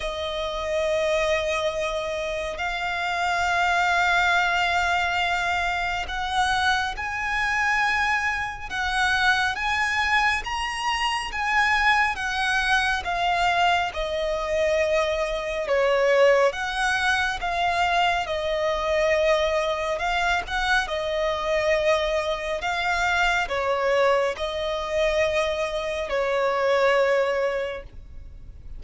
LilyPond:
\new Staff \with { instrumentName = "violin" } { \time 4/4 \tempo 4 = 69 dis''2. f''4~ | f''2. fis''4 | gis''2 fis''4 gis''4 | ais''4 gis''4 fis''4 f''4 |
dis''2 cis''4 fis''4 | f''4 dis''2 f''8 fis''8 | dis''2 f''4 cis''4 | dis''2 cis''2 | }